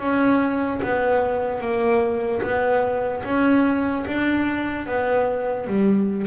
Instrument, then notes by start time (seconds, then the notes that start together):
double bass
0.00 C#4
0.83 B3
1.61 A#3
2.43 B3
3.25 C#4
4.07 D4
4.86 B3
5.68 G3